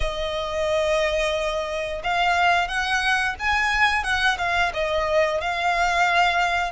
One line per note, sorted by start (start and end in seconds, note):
0.00 2.02 D#5
2.03 2.68 F5
2.68 3.35 F#5
3.39 4.03 G#5
4.03 4.37 F#5
4.38 4.72 F5
4.73 5.41 D#5
5.41 6.71 F5